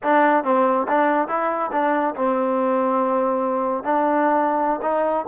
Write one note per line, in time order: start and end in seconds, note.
0.03 0.43 D4
0.43 0.86 C4
0.88 1.27 D4
1.27 1.70 E4
1.71 2.14 D4
2.15 3.83 C4
3.83 4.79 D4
4.82 5.25 D#4